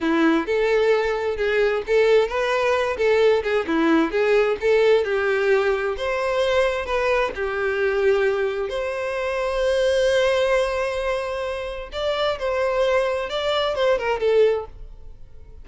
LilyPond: \new Staff \with { instrumentName = "violin" } { \time 4/4 \tempo 4 = 131 e'4 a'2 gis'4 | a'4 b'4. a'4 gis'8 | e'4 gis'4 a'4 g'4~ | g'4 c''2 b'4 |
g'2. c''4~ | c''1~ | c''2 d''4 c''4~ | c''4 d''4 c''8 ais'8 a'4 | }